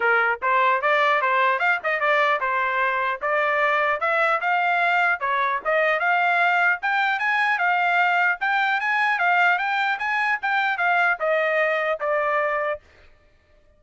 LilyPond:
\new Staff \with { instrumentName = "trumpet" } { \time 4/4 \tempo 4 = 150 ais'4 c''4 d''4 c''4 | f''8 dis''8 d''4 c''2 | d''2 e''4 f''4~ | f''4 cis''4 dis''4 f''4~ |
f''4 g''4 gis''4 f''4~ | f''4 g''4 gis''4 f''4 | g''4 gis''4 g''4 f''4 | dis''2 d''2 | }